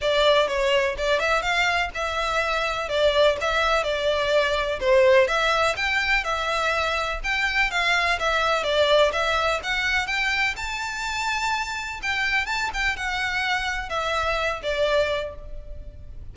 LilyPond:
\new Staff \with { instrumentName = "violin" } { \time 4/4 \tempo 4 = 125 d''4 cis''4 d''8 e''8 f''4 | e''2 d''4 e''4 | d''2 c''4 e''4 | g''4 e''2 g''4 |
f''4 e''4 d''4 e''4 | fis''4 g''4 a''2~ | a''4 g''4 a''8 g''8 fis''4~ | fis''4 e''4. d''4. | }